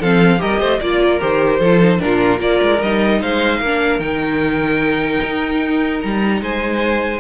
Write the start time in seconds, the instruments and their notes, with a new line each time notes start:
0.00 cello F3, viola C4, violin A4 F5
0.39 cello G3, viola G4, violin A#4 D#5
0.60 cello A3, violin C5
0.80 cello A#3, viola F4, violin D5
1.03 violin A#4
1.20 cello D#3, viola G4, violin C5
1.60 cello F3, viola F4, violin A4
1.82 viola D#4
1.99 viola D4, violin A#4
2.05 cello A#2, violin F4
2.39 cello A#3, viola F4, violin A#4 D5
2.62 cello G#3
2.83 cello G3, viola D#4, violin D#5
3.22 cello G#3, violin C5 F5
3.60 cello A#3, viola D4, violin A#4
3.99 cello D#3, viola D#4, violin G5
5.23 cello D#4
6.01 cello G3, violin A#5
6.42 cello G#3, violin C5 G#5